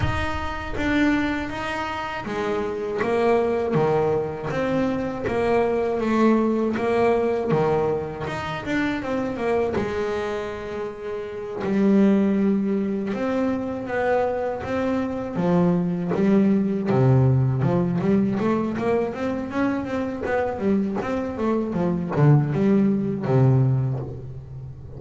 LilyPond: \new Staff \with { instrumentName = "double bass" } { \time 4/4 \tempo 4 = 80 dis'4 d'4 dis'4 gis4 | ais4 dis4 c'4 ais4 | a4 ais4 dis4 dis'8 d'8 | c'8 ais8 gis2~ gis8 g8~ |
g4. c'4 b4 c'8~ | c'8 f4 g4 c4 f8 | g8 a8 ais8 c'8 cis'8 c'8 b8 g8 | c'8 a8 f8 d8 g4 c4 | }